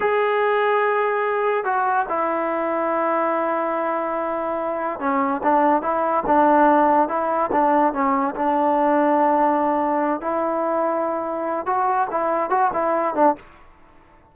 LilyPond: \new Staff \with { instrumentName = "trombone" } { \time 4/4 \tempo 4 = 144 gis'1 | fis'4 e'2.~ | e'1 | cis'4 d'4 e'4 d'4~ |
d'4 e'4 d'4 cis'4 | d'1~ | d'8 e'2.~ e'8 | fis'4 e'4 fis'8 e'4 d'8 | }